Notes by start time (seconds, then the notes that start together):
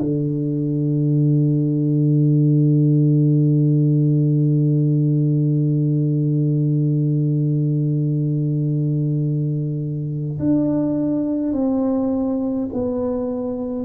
0.00 D3
10.39 D4
11.53 C4
12.73 B3